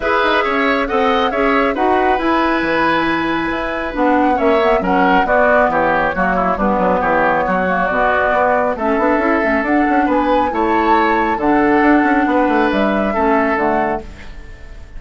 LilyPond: <<
  \new Staff \with { instrumentName = "flute" } { \time 4/4 \tempo 4 = 137 e''2 fis''4 e''4 | fis''4 gis''2.~ | gis''4 fis''4 e''4 fis''4 | d''4 cis''2 b'4 |
cis''2 d''2 | e''2 fis''4 gis''4 | a''2 fis''2~ | fis''4 e''2 fis''4 | }
  \new Staff \with { instrumentName = "oboe" } { \time 4/4 b'4 cis''4 dis''4 cis''4 | b'1~ | b'2 cis''4 ais'4 | fis'4 g'4 fis'8 e'8 d'4 |
g'4 fis'2. | a'2. b'4 | cis''2 a'2 | b'2 a'2 | }
  \new Staff \with { instrumentName = "clarinet" } { \time 4/4 gis'2 a'4 gis'4 | fis'4 e'2.~ | e'4 d'4 cis'8 b8 cis'4 | b2 ais4 b4~ |
b4. ais8 b2 | cis'8 d'8 e'8 cis'8 d'2 | e'2 d'2~ | d'2 cis'4 a4 | }
  \new Staff \with { instrumentName = "bassoon" } { \time 4/4 e'8 dis'8 cis'4 c'4 cis'4 | dis'4 e'4 e2 | e'4 b4 ais4 fis4 | b4 e4 fis4 g8 fis8 |
e4 fis4 b,4 b4 | a8 b8 cis'8 a8 d'8 cis'8 b4 | a2 d4 d'8 cis'8 | b8 a8 g4 a4 d4 | }
>>